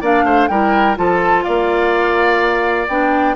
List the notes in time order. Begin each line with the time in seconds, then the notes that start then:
0.00 A#3 D4 D5 F5
0.23 A3 C5
0.47 G3 E4 A#4 G5
0.96 F3 F4 A4 A5
1.43 A#3 D5 F5
2.88 B3 D4 G5